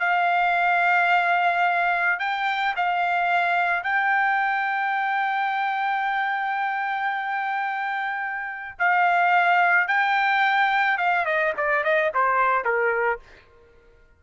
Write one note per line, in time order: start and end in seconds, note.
0.00 2.20 F5
2.20 2.75 G5
2.76 3.84 F5
3.84 8.79 G5
8.79 9.88 F5
9.88 10.98 G5
10.98 11.26 F5
11.26 11.53 D#5
11.58 11.84 D5
11.84 12.12 D#5
12.15 12.65 C5
12.65 13.20 A#4